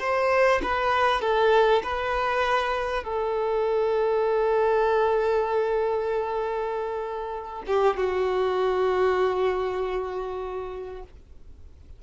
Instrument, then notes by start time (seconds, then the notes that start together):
violin
0.00 C5
0.63 B4
1.22 A4
1.83 B4
3.04 A4
7.67 G4
7.97 F#4